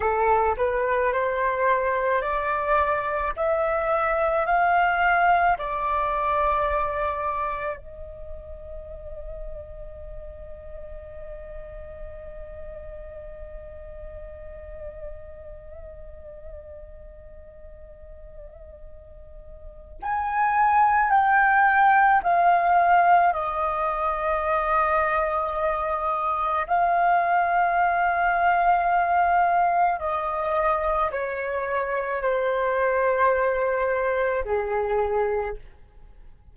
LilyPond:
\new Staff \with { instrumentName = "flute" } { \time 4/4 \tempo 4 = 54 a'8 b'8 c''4 d''4 e''4 | f''4 d''2 dis''4~ | dis''1~ | dis''1~ |
dis''2 gis''4 g''4 | f''4 dis''2. | f''2. dis''4 | cis''4 c''2 gis'4 | }